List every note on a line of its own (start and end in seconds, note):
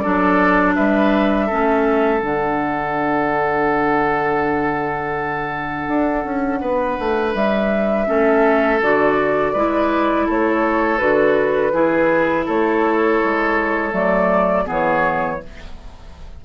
0.00 0.78 F#3
0.00 1.50 D4
0.00 0.76 A4
0.00 0.73 D5
0.76 1.51 G3
0.76 1.47 B4
0.76 2.20 E5
1.47 2.23 A3
1.47 2.20 C#4
1.47 6.59 A4
2.20 5.89 D3
2.20 8.05 D4
2.20 7.32 F#5
5.89 6.25 D4
6.25 6.62 C#4
6.61 6.98 B3
6.61 8.08 B4
7.00 7.35 A3
7.35 8.08 G3
7.35 8.82 E5
8.07 8.82 A3
8.07 8.80 C#4
8.07 9.53 A4
8.82 9.55 D3
8.82 9.56 F#4
8.82 10.29 D5
9.53 10.28 G#3
9.53 10.99 E4
9.53 10.27 B4
10.27 11.01 A3
10.27 11.73 A4
10.27 10.99 C#5
10.99 11.73 D3
10.99 11.72 F#4
10.99 12.45 B4
11.73 12.46 E3
11.73 13.92 E4
11.73 12.46 G#4
12.46 13.22 A3
12.46 14.66 A4
12.46 13.95 C#5
13.24 13.93 G#3
13.92 14.66 F#3
13.92 14.65 A3
13.92 14.68 D5
14.66 15.42 E3
14.66 15.39 B3
14.66 15.39 G#4
14.72 15.45 C#5